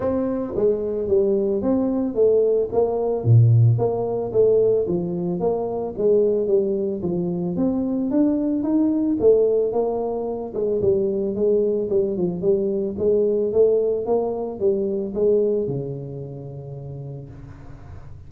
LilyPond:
\new Staff \with { instrumentName = "tuba" } { \time 4/4 \tempo 4 = 111 c'4 gis4 g4 c'4 | a4 ais4 ais,4 ais4 | a4 f4 ais4 gis4 | g4 f4 c'4 d'4 |
dis'4 a4 ais4. gis8 | g4 gis4 g8 f8 g4 | gis4 a4 ais4 g4 | gis4 cis2. | }